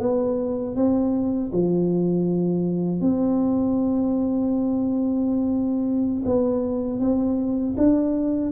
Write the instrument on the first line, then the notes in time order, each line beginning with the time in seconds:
tuba
0.00 B3
0.76 C4
1.52 F3
3.01 C4
6.26 B3
7.00 C4
7.77 D4